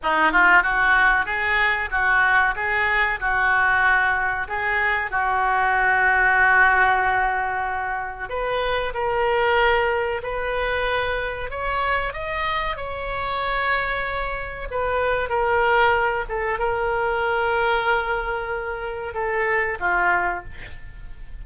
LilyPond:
\new Staff \with { instrumentName = "oboe" } { \time 4/4 \tempo 4 = 94 dis'8 f'8 fis'4 gis'4 fis'4 | gis'4 fis'2 gis'4 | fis'1~ | fis'4 b'4 ais'2 |
b'2 cis''4 dis''4 | cis''2. b'4 | ais'4. a'8 ais'2~ | ais'2 a'4 f'4 | }